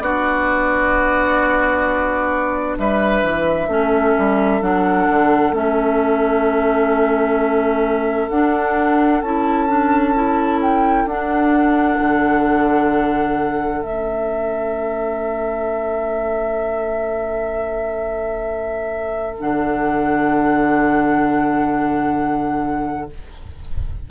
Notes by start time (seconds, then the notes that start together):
0.00 B3 D4 F#4 D5
2.78 G3 B4 E5
3.22 E3
3.68 A3 C#4 A4
4.18 G3
4.61 F#3 D4 F#5
5.10 D3
5.52 A3 C#4 E5
8.29 D4 F#5
9.21 C#4 E4 A5
9.68 D4
10.15 E4
10.62 G5
11.05 D4 F#5
12.00 D3
13.82 A3 C#4 E5
19.40 D3 D4 F#5